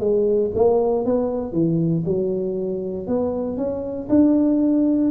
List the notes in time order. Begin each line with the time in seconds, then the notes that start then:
0.00 G#3
0.55 A#3
1.05 B3
1.53 E3
2.06 F#3
3.07 B3
3.57 C#4
4.09 D4